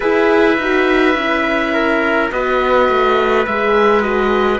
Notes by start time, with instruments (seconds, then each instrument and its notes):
0.00 cello E4, horn G#4, trumpet B4, oboe E5
0.57 cello D#4, horn F#4
1.14 cello C#4, horn E4
1.73 trumpet A#4
2.30 cello B3, horn F#4, trumpet B4, oboe D#5
2.88 cello A3
3.45 cello G#3, horn G#4, oboe E5
4.01 horn F#4, oboe D#5